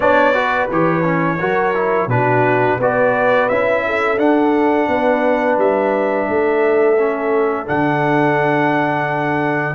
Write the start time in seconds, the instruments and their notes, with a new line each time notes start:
0.00 tuba B3, trombone D4, horn C#5, trumpet D5
0.34 trombone F#4, horn B4
0.71 tuba E3, trombone G4, trumpet C#5
1.03 trombone C#4
1.39 tuba F#3, trombone F#4, horn A#4
1.74 trombone E4
2.07 tuba B2, trombone D4, horn F#4, trumpet B4
2.78 tuba B3, trombone F#4, horn B4, trumpet D5
3.48 tuba C#4, trombone E4, trumpet E5
3.86 horn A4
4.17 tuba D4, trombone D4, trumpet F#5
4.87 tuba B3, horn B4
5.57 tuba G3, trumpet E5
6.29 tuba A3, horn A4
6.98 trombone C#4
7.66 tuba D3, trombone D4, trumpet F#5